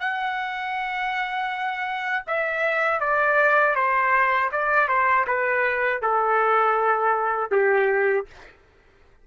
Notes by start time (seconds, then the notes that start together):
0.00 F#5
2.27 E5
3.01 D5
3.76 C5
4.52 D5
4.89 C5
5.27 B4
6.02 A4
7.51 G4